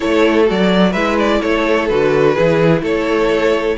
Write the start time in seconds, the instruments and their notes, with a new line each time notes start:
0.00 cello A3, viola E4, violin A4 C#5
0.45 cello F#3, viola F#4, violin D5
0.90 cello G#3, violin B4 E5
0.97 viola E4
1.19 violin D5
1.41 cello A3, violin A4 C#5
1.87 cello D3, viola F#4, violin B4
2.34 cello E3, viola E4, violin G#4
2.82 cello A3, violin A4 C#5